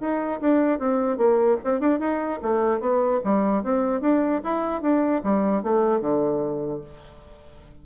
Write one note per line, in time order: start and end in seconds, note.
0.00 0.40 D#4
0.40 0.79 D4
0.79 1.17 C4
1.17 1.57 A#3
1.64 1.80 C4
1.80 1.99 D4
1.99 2.40 D#4
2.42 2.80 A3
2.80 3.20 B3
3.24 3.63 G3
3.63 4.01 C4
4.01 4.41 D4
4.44 4.82 E4
4.82 5.22 D4
5.23 5.63 G3
5.63 6.00 A3
6.00 6.81 D3